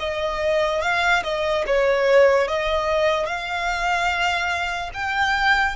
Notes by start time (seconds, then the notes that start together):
0.00 D#5
0.82 F5
1.24 D#5
1.67 C#5
2.48 D#5
3.27 F5
4.94 G5